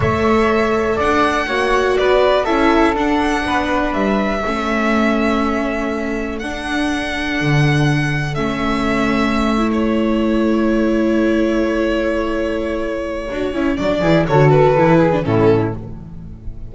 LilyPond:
<<
  \new Staff \with { instrumentName = "violin" } { \time 4/4 \tempo 4 = 122 e''2 fis''2 | d''4 e''4 fis''2 | e''1~ | e''4 fis''2.~ |
fis''4 e''2~ e''8. cis''16~ | cis''1~ | cis''1 | d''4 cis''8 b'4. a'4 | }
  \new Staff \with { instrumentName = "flute" } { \time 4/4 cis''2 d''4 cis''4 | b'4 a'2 b'4~ | b'4 a'2.~ | a'1~ |
a'1~ | a'1~ | a'1~ | a'8 gis'8 a'4. gis'8 e'4 | }
  \new Staff \with { instrumentName = "viola" } { \time 4/4 a'2. fis'4~ | fis'4 e'4 d'2~ | d'4 cis'2.~ | cis'4 d'2.~ |
d'4 cis'2~ cis'8 e'8~ | e'1~ | e'2. fis'8 e'8 | d'8 e'8 fis'4 e'8. d'16 cis'4 | }
  \new Staff \with { instrumentName = "double bass" } { \time 4/4 a2 d'4 ais4 | b4 cis'4 d'4 b4 | g4 a2.~ | a4 d'2 d4~ |
d4 a2.~ | a1~ | a2. d'8 cis'8 | fis8 e8 d4 e4 a,4 | }
>>